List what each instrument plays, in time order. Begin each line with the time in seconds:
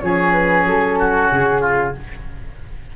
0.00 tuba F3, saxophone C#4, oboe G#4, flute C#5
0.33 flute B4
0.65 tuba F#3, flute A4
0.99 oboe F#4
1.32 tuba C#3, flute G#4
1.61 oboe F4